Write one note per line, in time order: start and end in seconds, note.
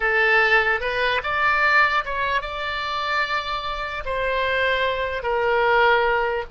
0.00 0.80 A4
0.80 1.21 B4
1.23 2.04 D5
2.05 2.41 C#5
2.41 4.04 D5
4.05 5.22 C5
5.22 6.44 A#4